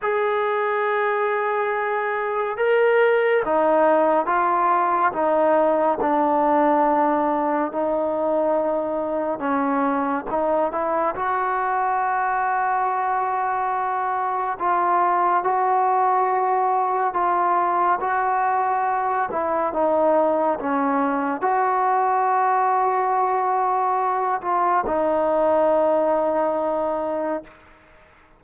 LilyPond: \new Staff \with { instrumentName = "trombone" } { \time 4/4 \tempo 4 = 70 gis'2. ais'4 | dis'4 f'4 dis'4 d'4~ | d'4 dis'2 cis'4 | dis'8 e'8 fis'2.~ |
fis'4 f'4 fis'2 | f'4 fis'4. e'8 dis'4 | cis'4 fis'2.~ | fis'8 f'8 dis'2. | }